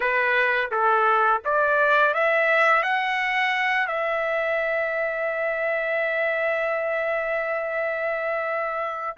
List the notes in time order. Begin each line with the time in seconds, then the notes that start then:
0.00 B4
0.71 A4
1.45 D5
2.14 E5
2.82 F#5
3.87 E5